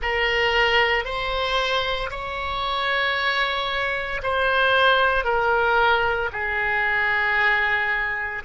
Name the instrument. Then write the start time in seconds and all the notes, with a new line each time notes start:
oboe
0.02 A#4
1.04 C5
2.10 C#5
4.22 C5
5.24 A#4
6.32 G#4